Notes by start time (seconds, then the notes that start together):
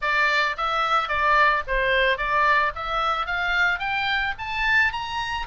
0.01 D5
0.57 E5
1.08 D5
1.67 C5
2.17 D5
2.75 E5
3.26 F5
3.79 G5
4.38 A5
4.92 A#5